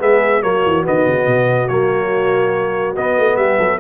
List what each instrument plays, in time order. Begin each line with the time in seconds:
0.00 tuba G#3, trombone B3, horn G#4, trumpet E5
0.42 tuba F#3, trombone A#3, horn F#4, trumpet C#5
0.65 tuba E3
0.84 tuba D#3, trombone B3, trumpet D#5
1.06 tuba C#3
1.27 tuba B2
1.68 tuba F#3, trombone A#3, trumpet C#5
2.96 tuba B3, trombone B3, trumpet D#5
3.18 tuba A3
3.36 tuba G3, horn G4, trumpet E5
3.58 tuba F#3, horn A4